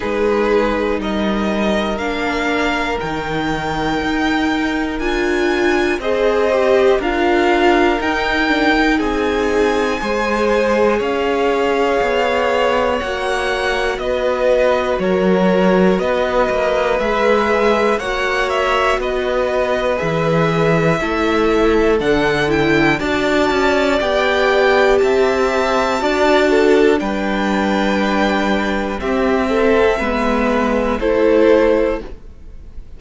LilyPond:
<<
  \new Staff \with { instrumentName = "violin" } { \time 4/4 \tempo 4 = 60 b'4 dis''4 f''4 g''4~ | g''4 gis''4 dis''4 f''4 | g''4 gis''2 f''4~ | f''4 fis''4 dis''4 cis''4 |
dis''4 e''4 fis''8 e''8 dis''4 | e''2 fis''8 g''8 a''4 | g''4 a''2 g''4~ | g''4 e''2 c''4 | }
  \new Staff \with { instrumentName = "violin" } { \time 4/4 gis'4 ais'2.~ | ais'2 c''4 ais'4~ | ais'4 gis'4 c''4 cis''4~ | cis''2 b'4 ais'4 |
b'2 cis''4 b'4~ | b'4 a'2 d''4~ | d''4 e''4 d''8 a'8 b'4~ | b'4 g'8 a'8 b'4 a'4 | }
  \new Staff \with { instrumentName = "viola" } { \time 4/4 dis'2 d'4 dis'4~ | dis'4 f'4 gis'8 g'8 f'4 | dis'8 d'16 dis'4~ dis'16 gis'2~ | gis'4 fis'2.~ |
fis'4 gis'4 fis'2 | gis'4 e'4 d'8 e'8 fis'4 | g'2 fis'4 d'4~ | d'4 c'4 b4 e'4 | }
  \new Staff \with { instrumentName = "cello" } { \time 4/4 gis4 g4 ais4 dis4 | dis'4 d'4 c'4 d'4 | dis'4 c'4 gis4 cis'4 | b4 ais4 b4 fis4 |
b8 ais8 gis4 ais4 b4 | e4 a4 d4 d'8 cis'8 | b4 c'4 d'4 g4~ | g4 c'4 gis4 a4 | }
>>